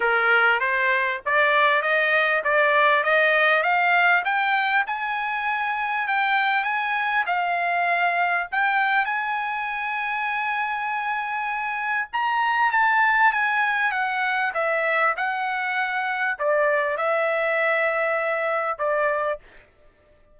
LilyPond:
\new Staff \with { instrumentName = "trumpet" } { \time 4/4 \tempo 4 = 99 ais'4 c''4 d''4 dis''4 | d''4 dis''4 f''4 g''4 | gis''2 g''4 gis''4 | f''2 g''4 gis''4~ |
gis''1 | ais''4 a''4 gis''4 fis''4 | e''4 fis''2 d''4 | e''2. d''4 | }